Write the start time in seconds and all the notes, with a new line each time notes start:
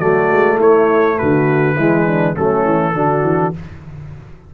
0.00 F#3 A3 F#4 D5
0.31 G#3
0.56 A3 E4 C#5
1.19 D3 F#4 B4
1.76 E3 G#3 E4
2.07 D4
2.34 F#3 A3 C#4 A4
2.65 E3
2.95 D3 D4 F#4
3.23 E3